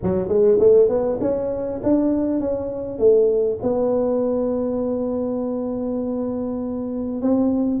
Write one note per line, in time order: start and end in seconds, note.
0.02 0.28 F#3
0.28 0.58 G#3
0.59 0.88 A3
0.88 1.18 B3
1.20 1.80 C#4
1.83 2.40 D4
2.40 2.98 C#4
2.98 3.58 A3
3.62 7.21 B3
7.21 7.80 C4